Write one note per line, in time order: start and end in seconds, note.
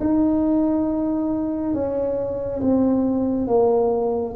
0.00 1.74 D#4
1.74 2.60 C#4
2.61 3.47 C4
3.47 4.34 A#3